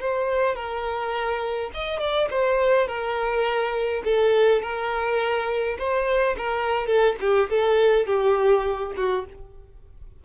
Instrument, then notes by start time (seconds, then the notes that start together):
violin
0.00 C5
0.56 A#4
1.74 D#5
2.00 D5
2.31 C5
2.88 A#4
4.05 A4
4.62 A#4
5.78 C5
6.38 A#4
6.87 A4
7.21 G4
7.50 A4
8.07 G4
8.97 F#4